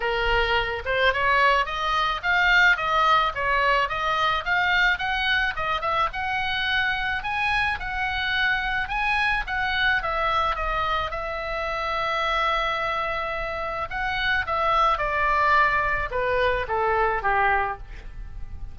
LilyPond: \new Staff \with { instrumentName = "oboe" } { \time 4/4 \tempo 4 = 108 ais'4. c''8 cis''4 dis''4 | f''4 dis''4 cis''4 dis''4 | f''4 fis''4 dis''8 e''8 fis''4~ | fis''4 gis''4 fis''2 |
gis''4 fis''4 e''4 dis''4 | e''1~ | e''4 fis''4 e''4 d''4~ | d''4 b'4 a'4 g'4 | }